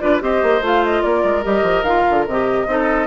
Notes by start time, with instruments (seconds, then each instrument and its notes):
0.00 bassoon D4, clarinet F4, oboe B4, flute D5
0.21 bassoon C4, clarinet G4, oboe C5, flute D#5
0.43 bassoon A#3
0.61 bassoon A3, clarinet F4, flute F5
0.85 flute D#5
1.03 bassoon A#3, oboe A#4, flute D5
1.24 bassoon G#3
1.43 bassoon G3, clarinet G4, flute D#5
1.63 bassoon F3
1.83 bassoon D#3, clarinet F4, flute F5
2.10 bassoon D3
2.27 bassoon C3, clarinet G4, flute D#5
2.67 bassoon C4, clarinet D#4, oboe A4